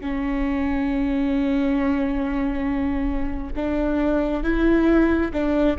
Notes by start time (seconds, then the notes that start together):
0.00 C#4
3.55 D4
4.43 E4
5.33 D4